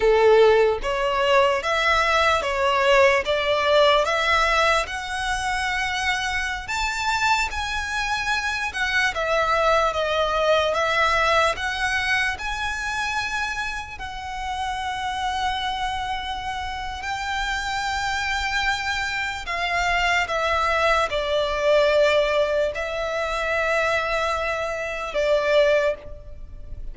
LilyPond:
\new Staff \with { instrumentName = "violin" } { \time 4/4 \tempo 4 = 74 a'4 cis''4 e''4 cis''4 | d''4 e''4 fis''2~ | fis''16 a''4 gis''4. fis''8 e''8.~ | e''16 dis''4 e''4 fis''4 gis''8.~ |
gis''4~ gis''16 fis''2~ fis''8.~ | fis''4 g''2. | f''4 e''4 d''2 | e''2. d''4 | }